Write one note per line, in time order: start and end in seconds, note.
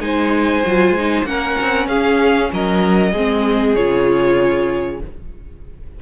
0.00 0.63 G#3
0.00 0.62 D#4
0.00 1.29 C5
0.00 1.25 G#5
0.66 0.90 F#3
0.66 0.98 F4
0.90 1.22 G#3
0.98 1.26 D#4
1.25 1.56 A#3
1.25 3.14 C#4
1.25 1.89 A#4
1.25 1.87 F#5
1.61 1.88 C4
1.88 2.50 C#4
1.88 2.51 G#4
1.88 2.50 F5
2.52 3.13 F#3
2.52 3.12 A#4
2.52 3.75 D#5
3.12 3.76 G#3
3.12 3.76 C4
3.12 5.00 G#4
3.75 5.02 C#3
3.75 5.01 F4
3.75 5.00 C#5